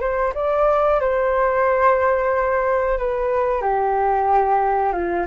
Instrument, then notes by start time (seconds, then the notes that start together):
flute
0.00 C5
0.34 D5
1.00 C5
2.98 B4
3.61 G4
4.92 F4